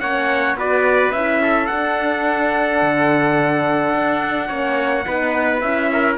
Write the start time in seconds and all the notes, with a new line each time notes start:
0.00 A#3 C#4 C#5 F#5
0.55 B3 F#4 B4 D5
1.12 C#4 E4 E5
1.42 A4
1.66 D4 F#5
2.82 D3
3.94 D4
4.47 A#3 C#4 C#5
5.06 B3 D#4 B4
5.60 C#4 E4 E5
5.92 A#4